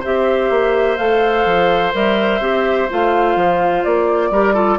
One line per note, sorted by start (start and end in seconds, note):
0.00 0.50 C4
0.00 0.98 G4
0.00 4.29 C5
0.00 0.97 E5
0.50 0.98 A#3
0.97 1.45 A3
0.97 1.93 A4
0.97 1.92 F5
1.45 1.93 F3
1.93 2.40 G3
1.93 2.40 A#4
1.93 2.90 E5
2.40 2.88 C4
2.40 2.88 G4
2.90 3.36 A3
2.90 4.33 F4
2.90 3.84 F5
3.36 3.83 F3
3.84 4.31 A#3
3.84 4.79 D5
4.31 4.78 G3
4.31 4.54 G4
4.31 4.54 A#4
4.54 4.78 F4
4.54 4.78 A4